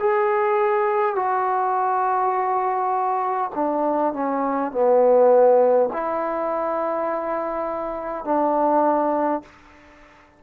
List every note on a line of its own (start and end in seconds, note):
0.00 1.16 G#4
1.16 3.51 F#4
3.55 4.13 D4
4.13 4.72 C#4
4.72 5.89 B3
5.93 8.25 E4
8.25 9.42 D4